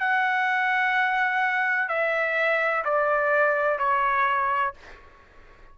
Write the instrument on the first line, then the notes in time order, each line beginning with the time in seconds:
trumpet
0.00 F#5
1.89 E5
2.85 D5
3.79 C#5